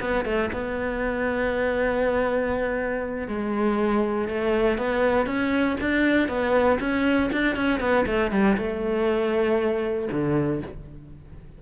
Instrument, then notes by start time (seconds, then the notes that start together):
cello
0.00 B3
0.25 A3
0.52 B3
3.28 G#3
4.28 A3
4.78 B3
5.26 C#4
5.80 D4
6.28 B3
6.80 C#4
7.32 D4
7.56 C#4
7.80 B3
8.06 A3
8.31 G3
8.57 A3
10.11 D3